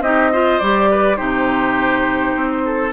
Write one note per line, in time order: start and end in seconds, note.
0.00 0.58 C4
0.00 0.32 D#4
0.00 0.31 G4
0.00 0.59 D#5
0.32 0.62 F4
0.32 0.90 C5
0.59 1.18 G3
0.59 1.16 G4
0.59 1.16 D5
0.90 1.17 B4
1.16 2.35 C3
1.16 2.91 D#4
1.16 2.62 G4
1.16 2.91 C5
2.35 2.93 C4
2.65 2.93 A4